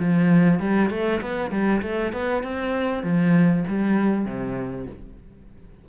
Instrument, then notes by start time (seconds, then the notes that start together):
cello
0.00 F3
0.60 G3
0.90 A3
1.21 B3
1.51 G3
1.82 A3
2.13 B3
2.43 C4
3.03 F3
3.68 G3
4.25 C3